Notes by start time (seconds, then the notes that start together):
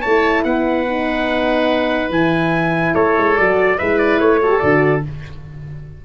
0.00 A3 E4 C#5 A5
0.44 B3 B4 F#5
0.87 D#4
2.09 E3 E4 G#5
2.94 A3 A4 C#5
3.17 G#3
3.37 F#3 F#4 D5
3.77 G#3 E4 B4 E5
3.98 D5
4.19 A3 C#5
4.42 F#4 A4
4.50 G4
4.59 D3 F#4 D5